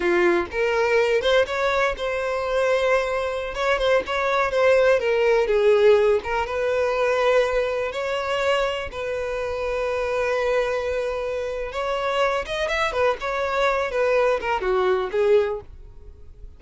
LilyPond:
\new Staff \with { instrumentName = "violin" } { \time 4/4 \tempo 4 = 123 f'4 ais'4. c''8 cis''4 | c''2.~ c''16 cis''8 c''16~ | c''16 cis''4 c''4 ais'4 gis'8.~ | gis'8. ais'8 b'2~ b'8.~ |
b'16 cis''2 b'4.~ b'16~ | b'1 | cis''4. dis''8 e''8 b'8 cis''4~ | cis''8 b'4 ais'8 fis'4 gis'4 | }